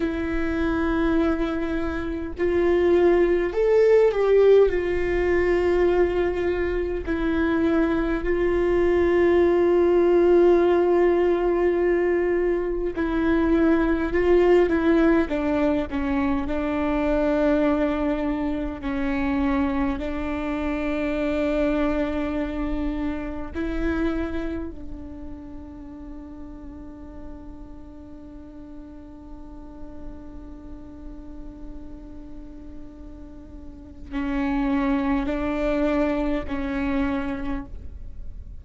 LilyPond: \new Staff \with { instrumentName = "viola" } { \time 4/4 \tempo 4 = 51 e'2 f'4 a'8 g'8 | f'2 e'4 f'4~ | f'2. e'4 | f'8 e'8 d'8 cis'8 d'2 |
cis'4 d'2. | e'4 d'2.~ | d'1~ | d'4 cis'4 d'4 cis'4 | }